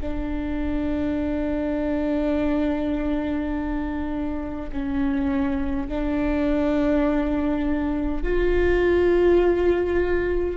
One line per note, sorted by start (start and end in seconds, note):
0.00 4.71 D4
4.72 5.88 C#4
5.88 8.23 D4
8.23 10.57 F4